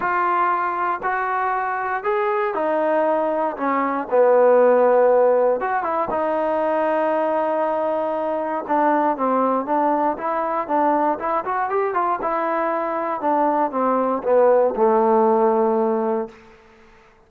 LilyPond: \new Staff \with { instrumentName = "trombone" } { \time 4/4 \tempo 4 = 118 f'2 fis'2 | gis'4 dis'2 cis'4 | b2. fis'8 e'8 | dis'1~ |
dis'4 d'4 c'4 d'4 | e'4 d'4 e'8 fis'8 g'8 f'8 | e'2 d'4 c'4 | b4 a2. | }